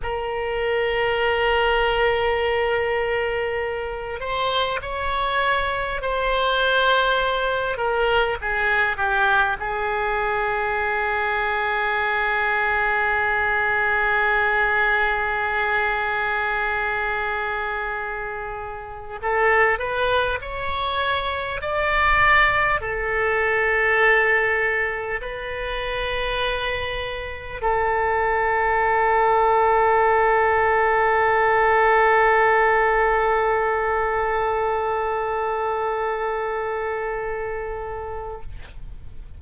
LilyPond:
\new Staff \with { instrumentName = "oboe" } { \time 4/4 \tempo 4 = 50 ais'2.~ ais'8 c''8 | cis''4 c''4. ais'8 gis'8 g'8 | gis'1~ | gis'1 |
a'8 b'8 cis''4 d''4 a'4~ | a'4 b'2 a'4~ | a'1~ | a'1 | }